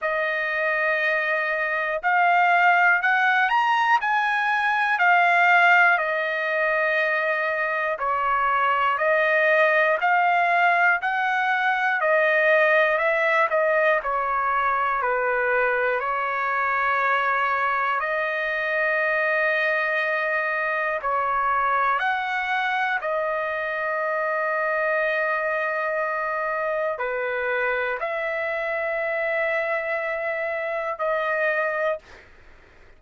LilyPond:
\new Staff \with { instrumentName = "trumpet" } { \time 4/4 \tempo 4 = 60 dis''2 f''4 fis''8 ais''8 | gis''4 f''4 dis''2 | cis''4 dis''4 f''4 fis''4 | dis''4 e''8 dis''8 cis''4 b'4 |
cis''2 dis''2~ | dis''4 cis''4 fis''4 dis''4~ | dis''2. b'4 | e''2. dis''4 | }